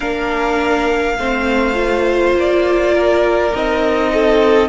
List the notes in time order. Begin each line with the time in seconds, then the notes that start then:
0.00 A#3 D4 A#4 F5
1.18 A3 C4 C5
1.74 F4
2.34 A#3 D5
2.94 A#4
3.50 C4 D#4 D#5
4.13 A4